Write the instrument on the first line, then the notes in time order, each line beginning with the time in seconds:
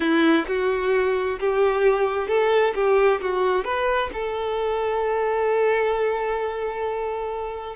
violin
0.00 E4
0.47 F#4
1.39 G4
2.28 A4
2.75 G4
3.21 F#4
3.64 B4
4.13 A4